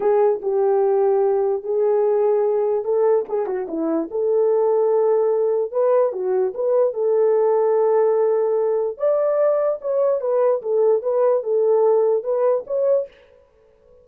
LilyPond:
\new Staff \with { instrumentName = "horn" } { \time 4/4 \tempo 4 = 147 gis'4 g'2. | gis'2. a'4 | gis'8 fis'8 e'4 a'2~ | a'2 b'4 fis'4 |
b'4 a'2.~ | a'2 d''2 | cis''4 b'4 a'4 b'4 | a'2 b'4 cis''4 | }